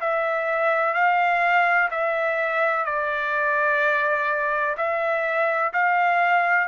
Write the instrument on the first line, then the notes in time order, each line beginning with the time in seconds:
trumpet
0.00 E5
0.94 F5
1.90 E5
2.85 D5
4.77 E5
5.73 F5